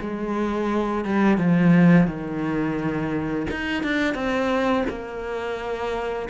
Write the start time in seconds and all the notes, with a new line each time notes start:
0.00 G#3
1.05 G3
1.37 F3
2.07 D#3
3.50 D#4
3.83 D4
4.14 C4
4.89 A#3